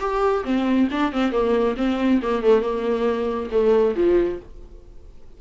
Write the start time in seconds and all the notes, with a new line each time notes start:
0.00 G4
0.44 C4
0.91 D4
1.12 C4
1.32 A#3
1.77 C4
2.22 A#3
2.43 A3
2.62 A#3
3.51 A3
3.96 F3